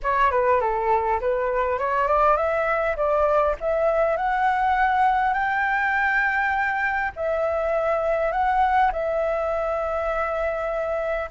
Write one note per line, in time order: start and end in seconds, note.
0.02 0.31 C#5
0.31 0.60 B4
0.60 1.20 A4
1.20 1.78 B4
1.78 2.07 C#5
2.07 2.36 D5
2.36 2.96 E5
2.96 3.55 D5
3.60 4.16 E5
4.16 5.33 F#5
5.33 7.11 G5
7.16 8.32 E5
8.32 8.91 F#5
8.92 11.30 E5